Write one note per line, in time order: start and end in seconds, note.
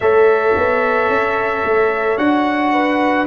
0.00 0.55 A3
0.00 2.18 A4
0.00 2.72 C#5
0.00 2.17 E5
0.56 1.09 B3
1.09 1.63 C#4
1.64 2.17 A3
2.17 3.26 D4
2.17 3.27 F#4
2.17 3.26 F#5
2.72 3.27 B4